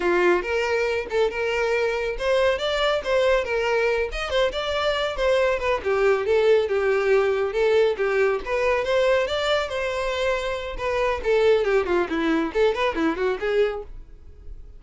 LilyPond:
\new Staff \with { instrumentName = "violin" } { \time 4/4 \tempo 4 = 139 f'4 ais'4. a'8 ais'4~ | ais'4 c''4 d''4 c''4 | ais'4. dis''8 c''8 d''4. | c''4 b'8 g'4 a'4 g'8~ |
g'4. a'4 g'4 b'8~ | b'8 c''4 d''4 c''4.~ | c''4 b'4 a'4 g'8 f'8 | e'4 a'8 b'8 e'8 fis'8 gis'4 | }